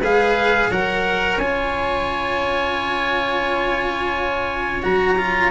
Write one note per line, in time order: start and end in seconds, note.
0.00 0.69 G#3
0.00 0.72 G#4
0.00 0.70 B4
0.00 0.71 F5
0.71 1.38 F#3
0.71 1.41 A#4
0.71 5.52 C#5
0.71 1.38 F#5
1.38 4.83 C#4
1.38 4.83 F4
1.38 4.83 G#5
4.83 5.52 F#3
4.83 5.18 F#4
4.83 5.52 A#5
5.18 5.52 F4